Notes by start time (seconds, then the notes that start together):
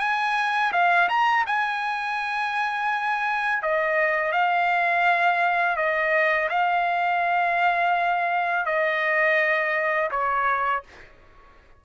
0.00 G#5
0.73 F5
1.09 A#5
1.47 G#5
3.63 D#5
4.32 F5
5.77 D#5
6.50 F5
8.66 D#5
10.11 C#5